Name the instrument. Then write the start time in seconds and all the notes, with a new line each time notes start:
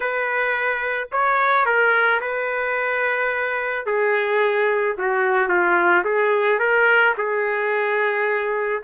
trumpet
0.00 B4
1.12 C#5
1.65 A#4
2.20 B4
3.86 G#4
4.97 F#4
5.48 F4
6.04 G#4
6.59 A#4
7.17 G#4